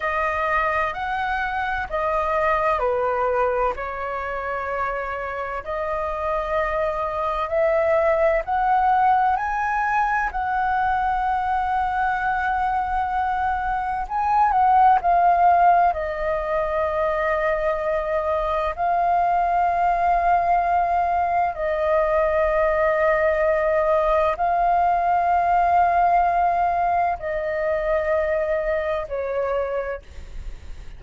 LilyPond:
\new Staff \with { instrumentName = "flute" } { \time 4/4 \tempo 4 = 64 dis''4 fis''4 dis''4 b'4 | cis''2 dis''2 | e''4 fis''4 gis''4 fis''4~ | fis''2. gis''8 fis''8 |
f''4 dis''2. | f''2. dis''4~ | dis''2 f''2~ | f''4 dis''2 cis''4 | }